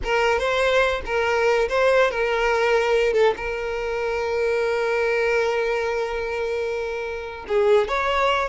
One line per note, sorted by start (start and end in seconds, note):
0.03 0.38 A#4
0.38 1.01 C5
1.05 1.68 A#4
1.69 2.11 C5
2.11 3.13 A#4
3.13 3.34 A4
3.36 7.45 A#4
7.48 7.88 G#4
7.88 8.48 C#5